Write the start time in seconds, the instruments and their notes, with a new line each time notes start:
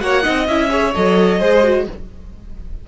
0.00 cello A#3, viola F#4, violin C#5 F#5
0.23 cello C4, viola D#4, violin D#5
0.47 cello C#4, viola E4, violin E5
0.69 viola G#4, violin C#5
0.95 cello F#3, viola A4, violin D#5
1.39 cello G#3, viola G#4, violin C5
1.63 viola F#4